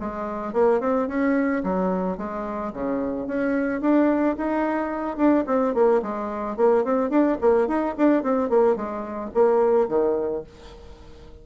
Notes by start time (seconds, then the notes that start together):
0.00 G#3
0.53 A#3
0.80 C4
1.08 C#4
1.64 F#3
2.18 G#3
2.73 C#3
3.27 C#4
3.81 D4
4.37 D#4
5.17 D4
5.47 C4
5.74 A#3
6.02 G#3
6.57 A#3
6.85 C4
7.10 D4
7.41 A#3
7.68 D#4
7.97 D4
8.23 C4
8.50 A#3
8.76 G#3
9.35 A#3
9.89 D#3